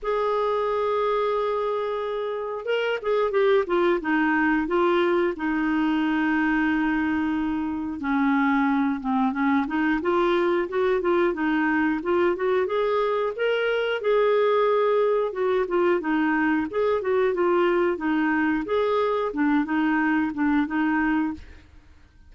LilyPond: \new Staff \with { instrumentName = "clarinet" } { \time 4/4 \tempo 4 = 90 gis'1 | ais'8 gis'8 g'8 f'8 dis'4 f'4 | dis'1 | cis'4. c'8 cis'8 dis'8 f'4 |
fis'8 f'8 dis'4 f'8 fis'8 gis'4 | ais'4 gis'2 fis'8 f'8 | dis'4 gis'8 fis'8 f'4 dis'4 | gis'4 d'8 dis'4 d'8 dis'4 | }